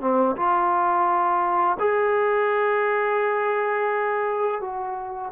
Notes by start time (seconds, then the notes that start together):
0.00 C4
0.36 F4
1.79 G#4
4.61 F#4